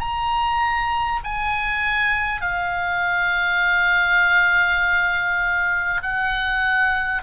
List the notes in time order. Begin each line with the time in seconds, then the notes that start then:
0.00 A#5
1.24 G#5
2.41 F5
6.02 F#5